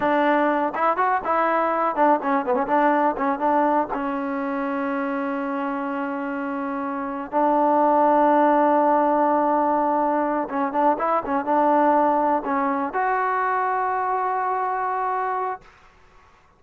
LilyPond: \new Staff \with { instrumentName = "trombone" } { \time 4/4 \tempo 4 = 123 d'4. e'8 fis'8 e'4. | d'8 cis'8 b16 cis'16 d'4 cis'8 d'4 | cis'1~ | cis'2. d'4~ |
d'1~ | d'4. cis'8 d'8 e'8 cis'8 d'8~ | d'4. cis'4 fis'4.~ | fis'1 | }